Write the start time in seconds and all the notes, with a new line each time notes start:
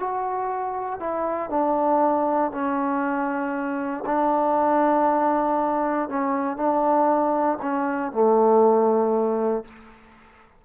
0.00 F#4
1.00 E4
1.50 D4
2.52 C#4
4.06 D4
6.09 C#4
6.57 D4
7.62 C#4
8.12 A3